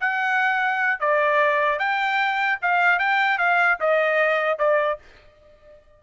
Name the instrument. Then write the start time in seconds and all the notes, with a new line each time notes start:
trumpet
0.00 F#5
1.00 D5
1.79 G5
2.62 F5
2.99 G5
3.38 F5
3.80 D#5
4.58 D5